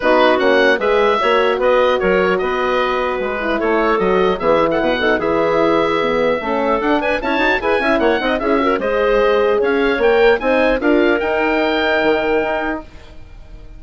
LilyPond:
<<
  \new Staff \with { instrumentName = "oboe" } { \time 4/4 \tempo 4 = 150 b'4 fis''4 e''2 | dis''4 cis''4 dis''2 | b'4 cis''4 dis''4 e''8. fis''16~ | fis''4 e''2.~ |
e''4 fis''8 gis''8 a''4 gis''4 | fis''4 e''4 dis''2 | f''4 g''4 gis''4 f''4 | g''1 | }
  \new Staff \with { instrumentName = "clarinet" } { \time 4/4 fis'2 b'4 cis''4 | b'4 ais'4 b'2~ | b'4 a'2 gis'8. a'16 | b'8 a'8 gis'2. |
a'4. b'8 cis''4 b'8 e''8 | cis''8 dis''8 gis'8 ais'8 c''2 | cis''2 c''4 ais'4~ | ais'1 | }
  \new Staff \with { instrumentName = "horn" } { \time 4/4 dis'4 cis'4 gis'4 fis'4~ | fis'1~ | fis'8 e'4. fis'4 b8 e'8~ | e'8 dis'8 e'2 b4 |
cis'4 d'4 e'8 fis'8 gis'8 e'8~ | e'8 dis'8 e'8 fis'8 gis'2~ | gis'4 ais'4 dis'4 f'4 | dis'1 | }
  \new Staff \with { instrumentName = "bassoon" } { \time 4/4 b4 ais4 gis4 ais4 | b4 fis4 b2 | gis4 a4 fis4 e4 | b,4 e2. |
a4 d'4 cis'8 dis'8 e'8 cis'8 | ais8 c'8 cis'4 gis2 | cis'4 ais4 c'4 d'4 | dis'2 dis4 dis'4 | }
>>